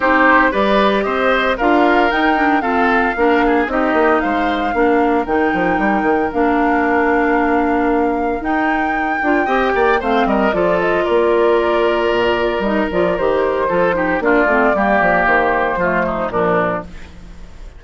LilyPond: <<
  \new Staff \with { instrumentName = "flute" } { \time 4/4 \tempo 4 = 114 c''4 d''4 dis''4 f''4 | g''4 f''2 dis''4 | f''2 g''2 | f''1 |
g''2. f''8 dis''8 | d''8 dis''8 d''2. | dis''8 d''8 c''2 d''4~ | d''4 c''2 ais'4 | }
  \new Staff \with { instrumentName = "oboe" } { \time 4/4 g'4 b'4 c''4 ais'4~ | ais'4 a'4 ais'8 gis'8 g'4 | c''4 ais'2.~ | ais'1~ |
ais'2 dis''8 d''8 c''8 ais'8 | a'4 ais'2.~ | ais'2 a'8 g'8 f'4 | g'2 f'8 dis'8 d'4 | }
  \new Staff \with { instrumentName = "clarinet" } { \time 4/4 dis'4 g'2 f'4 | dis'8 d'8 c'4 d'4 dis'4~ | dis'4 d'4 dis'2 | d'1 |
dis'4. f'8 g'4 c'4 | f'1 | dis'8 f'8 g'4 f'8 dis'8 d'8 c'8 | ais2 a4 f4 | }
  \new Staff \with { instrumentName = "bassoon" } { \time 4/4 c'4 g4 c'4 d'4 | dis'4 f'4 ais4 c'8 ais8 | gis4 ais4 dis8 f8 g8 dis8 | ais1 |
dis'4. d'8 c'8 ais8 a8 g8 | f4 ais2 ais,4 | g8 f8 dis4 f4 ais8 a8 | g8 f8 dis4 f4 ais,4 | }
>>